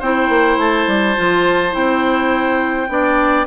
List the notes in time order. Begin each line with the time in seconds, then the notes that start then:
0.00 C4 E4 C5 G5
0.30 A#3
0.58 A3 A5
0.87 G3
1.16 F3 F4
1.72 C4 E4 G5
2.89 B3 D4 D5